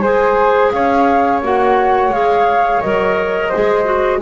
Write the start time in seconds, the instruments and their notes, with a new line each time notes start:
0.00 double bass G#3, clarinet G#4, flute C5 G#5
0.71 double bass C#4, flute C#5 F5
1.42 double bass A#3, clarinet F#4, flute F#5
2.09 double bass G#3, clarinet G#4, flute F5
2.81 double bass F#3, clarinet A#4, flute D#5
3.48 clarinet G#4, flute C5
3.56 double bass G#3
3.84 clarinet F#4